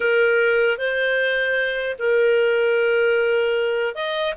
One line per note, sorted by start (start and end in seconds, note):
0.00 0.78 A#4
0.78 1.96 C5
1.98 3.94 A#4
3.94 4.34 D#5